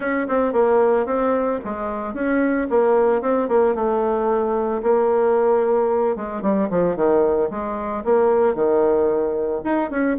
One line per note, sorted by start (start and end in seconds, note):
0.00 0.27 C#4
0.28 0.53 C4
0.53 1.06 A#3
1.06 1.59 C4
1.64 2.14 G#3
2.14 2.67 C#4
2.70 3.21 A#3
3.21 3.48 C4
3.48 3.75 A#3
3.75 4.82 A3
4.82 6.16 A#3
6.16 6.42 G#3
6.42 6.68 G3
6.70 6.96 F3
6.96 7.49 D#3
7.50 8.04 G#3
8.04 8.54 A#3
8.54 9.61 D#3
9.64 9.90 D#4
9.90 10.17 C#4